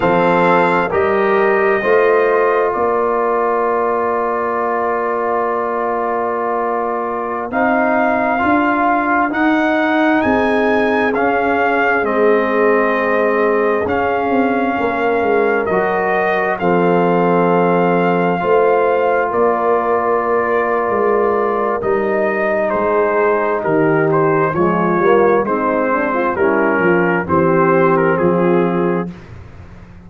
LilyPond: <<
  \new Staff \with { instrumentName = "trumpet" } { \time 4/4 \tempo 4 = 66 f''4 dis''2 d''4~ | d''1~ | d''16 f''2 fis''4 gis''8.~ | gis''16 f''4 dis''2 f''8.~ |
f''4~ f''16 dis''4 f''4.~ f''16~ | f''4~ f''16 d''2~ d''8. | dis''4 c''4 ais'8 c''8 cis''4 | c''4 ais'4 c''8. ais'16 gis'4 | }
  \new Staff \with { instrumentName = "horn" } { \time 4/4 a'4 ais'4 c''4 ais'4~ | ais'1~ | ais'2.~ ais'16 gis'8.~ | gis'1~ |
gis'16 ais'2 a'4.~ a'16~ | a'16 c''4 ais'2~ ais'8.~ | ais'4 gis'4 g'4 f'4 | dis'8 d'16 f'16 e'8 f'8 g'4 f'4 | }
  \new Staff \with { instrumentName = "trombone" } { \time 4/4 c'4 g'4 f'2~ | f'1~ | f'16 dis'4 f'4 dis'4.~ dis'16~ | dis'16 cis'4 c'2 cis'8.~ |
cis'4~ cis'16 fis'4 c'4.~ c'16~ | c'16 f'2.~ f'8. | dis'2. gis8 ais8 | c'4 cis'4 c'2 | }
  \new Staff \with { instrumentName = "tuba" } { \time 4/4 f4 g4 a4 ais4~ | ais1~ | ais16 c'4 d'4 dis'4 c'8.~ | c'16 cis'4 gis2 cis'8 c'16~ |
c'16 ais8 gis8 fis4 f4.~ f16~ | f16 a4 ais4.~ ais16 gis4 | g4 gis4 dis4 f8 g8 | gis4 g8 f8 e4 f4 | }
>>